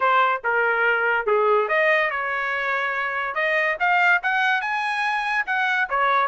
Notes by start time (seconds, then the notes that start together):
0.00 C5
0.44 A#4
1.26 G#4
1.68 D#5
2.10 C#5
3.35 D#5
3.79 F5
4.22 F#5
4.61 G#5
5.46 F#5
5.89 C#5